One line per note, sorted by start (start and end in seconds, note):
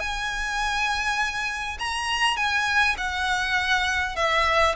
0.00 1.78 G#5
1.79 2.37 A#5
2.37 2.96 G#5
2.98 4.16 F#5
4.16 4.76 E5